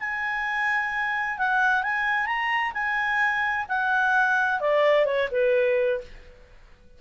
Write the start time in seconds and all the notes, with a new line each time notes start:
0.00 G#5
1.38 F#5
1.83 G#5
2.26 A#5
2.74 G#5
3.69 F#5
4.60 D5
5.05 C#5
5.32 B4